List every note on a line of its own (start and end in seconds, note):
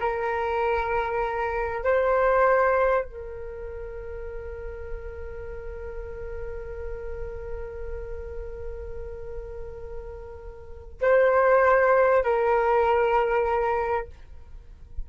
0.00 1.83 A#4
1.83 3.05 C5
3.05 11.01 A#4
11.01 12.24 C5
12.24 14.07 A#4